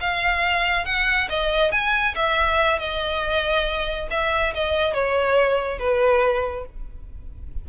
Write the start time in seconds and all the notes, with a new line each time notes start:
0.00 F5
0.85 F#5
1.29 D#5
1.71 G#5
2.15 E5
2.78 D#5
4.10 E5
4.54 D#5
4.93 C#5
5.79 B4